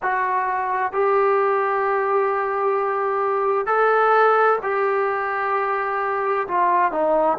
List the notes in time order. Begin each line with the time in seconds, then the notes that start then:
0.02 F#4
0.92 G4
3.66 A4
4.62 G4
6.47 F4
6.91 D#4